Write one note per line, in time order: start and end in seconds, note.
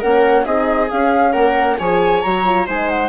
0.00 0.46 A#3
0.00 0.46 C#4
0.00 0.44 A#4
0.00 0.45 F#5
0.45 0.90 C4
0.45 0.90 D#4
0.45 1.33 G#4
0.45 0.89 D#5
0.91 1.81 C#4
0.91 1.35 C#4
0.91 1.33 F5
1.33 1.79 A#3
1.33 1.77 A#4
1.33 1.77 F#5
1.79 2.24 F3
1.79 2.25 G#4
1.79 2.67 C#5
1.79 2.22 G#5
2.22 2.68 F#3
2.22 2.45 F#4
2.22 2.67 A#5
2.45 2.67 F4
2.67 3.09 G#3
2.67 3.09 D#4
2.67 3.09 C5
2.67 2.89 G#5
2.89 3.09 F#5